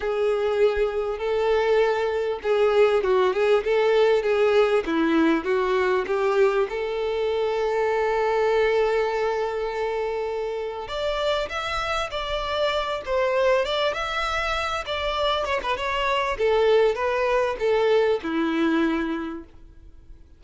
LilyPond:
\new Staff \with { instrumentName = "violin" } { \time 4/4 \tempo 4 = 99 gis'2 a'2 | gis'4 fis'8 gis'8 a'4 gis'4 | e'4 fis'4 g'4 a'4~ | a'1~ |
a'2 d''4 e''4 | d''4. c''4 d''8 e''4~ | e''8 d''4 cis''16 b'16 cis''4 a'4 | b'4 a'4 e'2 | }